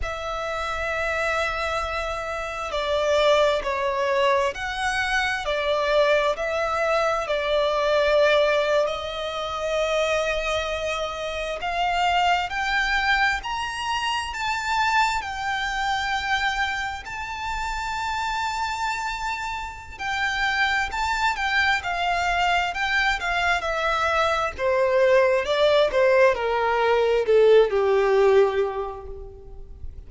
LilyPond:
\new Staff \with { instrumentName = "violin" } { \time 4/4 \tempo 4 = 66 e''2. d''4 | cis''4 fis''4 d''4 e''4 | d''4.~ d''16 dis''2~ dis''16~ | dis''8. f''4 g''4 ais''4 a''16~ |
a''8. g''2 a''4~ a''16~ | a''2 g''4 a''8 g''8 | f''4 g''8 f''8 e''4 c''4 | d''8 c''8 ais'4 a'8 g'4. | }